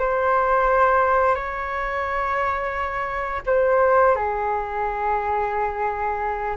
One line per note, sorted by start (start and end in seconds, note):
0.00 1.35 C5
1.35 3.42 C#5
3.47 4.16 C5
4.16 6.57 G#4